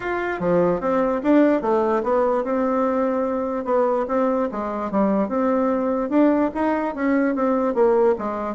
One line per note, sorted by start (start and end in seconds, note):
0.00 0.39 F4
0.39 0.80 F3
0.80 1.21 C4
1.23 1.61 D4
1.61 2.02 A3
2.03 2.43 B3
2.43 3.64 C4
3.64 4.05 B3
4.08 4.48 C4
4.51 4.91 G#3
4.91 5.28 G3
5.28 6.09 C4
6.09 6.50 D4
6.54 6.94 D#4
6.94 7.35 C#4
7.35 7.74 C4
7.74 8.15 A#3
8.18 8.55 G#3